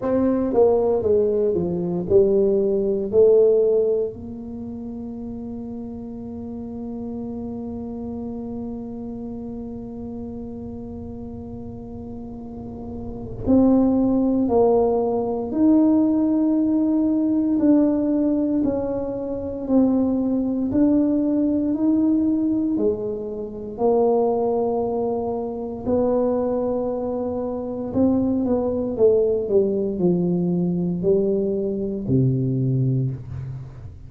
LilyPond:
\new Staff \with { instrumentName = "tuba" } { \time 4/4 \tempo 4 = 58 c'8 ais8 gis8 f8 g4 a4 | ais1~ | ais1~ | ais4 c'4 ais4 dis'4~ |
dis'4 d'4 cis'4 c'4 | d'4 dis'4 gis4 ais4~ | ais4 b2 c'8 b8 | a8 g8 f4 g4 c4 | }